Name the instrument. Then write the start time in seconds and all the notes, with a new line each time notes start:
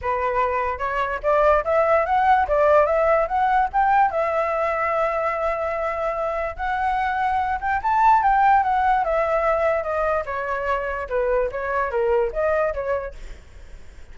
flute
0.01 B4
0.78 C#5
1.22 D5
1.64 E5
2.05 F#5
2.47 D5
2.86 E5
3.27 F#5
3.72 G5
4.10 E5
6.56 F#5
7.60 G5
7.83 A5
8.22 G5
8.63 F#5
9.04 E5
9.83 D#5
10.25 C#5
11.09 B4
11.51 C#5
11.90 A#4
12.32 D#5
12.73 C#5